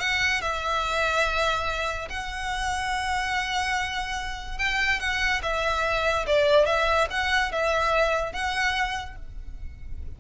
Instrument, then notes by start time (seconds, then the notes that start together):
violin
0.00 F#5
0.42 E5
2.10 F#5
4.59 G5
5.00 F#5
5.43 E5
6.27 D5
6.66 E5
7.11 F#5
7.52 E5
8.33 F#5